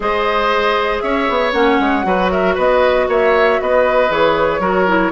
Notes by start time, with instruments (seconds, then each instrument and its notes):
0.00 bassoon G#3, clarinet G#4, oboe C5, flute D#5
1.00 bassoon C#4, oboe C#5, flute E5
1.29 bassoon B3
1.52 bassoon A#3, clarinet C#4, flute F#5
1.79 bassoon G#3
2.03 bassoon F#3, clarinet F#4, oboe B4
2.30 oboe A#4, flute E5
2.54 bassoon B3, oboe B4, flute D#5
3.07 bassoon A#3, oboe C#5, flute E5
3.60 bassoon B3, oboe B4, flute D#5
4.09 bassoon E3, clarinet G#4, flute C#5
4.59 bassoon F#3, clarinet F#4, oboe A#4
4.87 clarinet E4